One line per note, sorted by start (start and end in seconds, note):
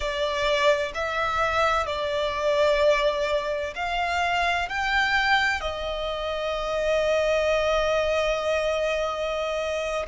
0.00 0.92 D5
0.94 1.86 E5
1.86 3.74 D5
3.75 4.69 F5
4.69 5.60 G5
5.60 10.06 D#5